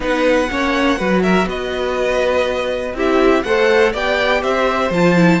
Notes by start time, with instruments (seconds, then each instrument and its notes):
0.00 cello B3, viola D#4, violin B4 F#5
0.50 cello A#3, viola C#4, violin C#5
0.97 cello F#3, viola F#4, violin B4
1.22 violin A#4 E5
1.45 cello B3, violin B4 D#5
2.93 cello C4, viola E4, violin G4
2.99 violin E5
3.43 cello A3, viola A4, violin C5 F#5
3.92 cello B3, viola G4, violin D5 G5
4.42 cello C4, violin C5 E5
4.90 cello F3, viola F4, violin A5
5.16 viola E4